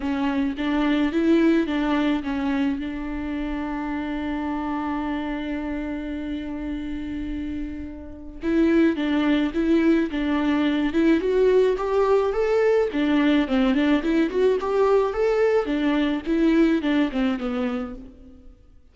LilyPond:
\new Staff \with { instrumentName = "viola" } { \time 4/4 \tempo 4 = 107 cis'4 d'4 e'4 d'4 | cis'4 d'2.~ | d'1~ | d'2. e'4 |
d'4 e'4 d'4. e'8 | fis'4 g'4 a'4 d'4 | c'8 d'8 e'8 fis'8 g'4 a'4 | d'4 e'4 d'8 c'8 b4 | }